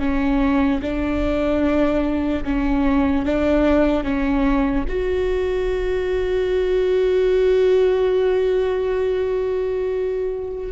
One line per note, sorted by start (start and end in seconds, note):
0.00 0.81 C#4
0.82 2.44 D4
2.44 3.25 C#4
3.25 4.04 D4
4.04 4.85 C#4
4.89 10.72 F#4